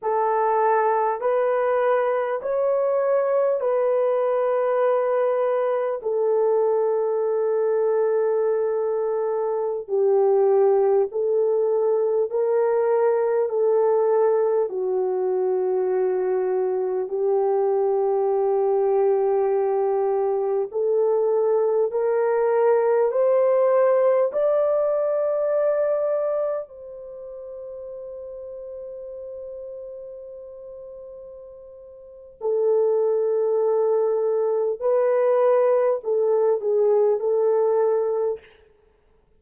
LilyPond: \new Staff \with { instrumentName = "horn" } { \time 4/4 \tempo 4 = 50 a'4 b'4 cis''4 b'4~ | b'4 a'2.~ | a'16 g'4 a'4 ais'4 a'8.~ | a'16 fis'2 g'4.~ g'16~ |
g'4~ g'16 a'4 ais'4 c''8.~ | c''16 d''2 c''4.~ c''16~ | c''2. a'4~ | a'4 b'4 a'8 gis'8 a'4 | }